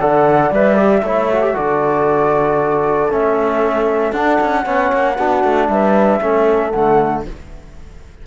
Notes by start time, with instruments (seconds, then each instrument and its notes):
0.00 cello D3, trombone A4, horn D5, flute F#5
0.51 cello G3, trombone B4, flute E5
0.76 trombone G4
1.03 cello A3, trombone E4, horn C#5
1.32 trombone F#4
1.42 trombone G4
1.54 cello D3, trombone F#4, horn A4, flute D5
3.11 cello A3, trombone C#4, flute E5
4.12 cello D4, trombone D4, flute F#5
4.41 cello C#4
4.64 cello B3, trombone C#4, horn C#5
4.93 cello A#3
5.16 cello B3, trombone D4, horn F#4
5.44 cello A3
5.68 cello G3, horn B4, flute E5
6.21 cello A3, trombone C#4, horn A4
6.71 cello D3, trombone A3, flute F#5